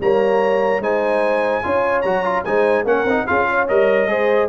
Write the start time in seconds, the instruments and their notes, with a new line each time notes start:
0.00 tuba G3, trombone A#3, horn C#5, trumpet A#5
0.79 tuba G#3, trombone D#4, horn C5, trumpet G#5
1.63 tuba C#4, trombone F4, horn C#5
2.01 tuba F#3, trombone F#4, trumpet A#5
2.24 trombone F4
2.44 tuba G#3, trombone D#4, horn C5, trumpet G#5
2.84 tuba A#3, trombone C#4, horn A#4, trumpet F#5
3.04 tuba C4, trombone D#4
3.26 tuba C#4, trombone F4, horn G#4, trumpet F5
3.50 horn C#5
3.68 tuba G3, trombone A#4, trumpet D#5
4.06 tuba G#3, trombone G#4, horn C5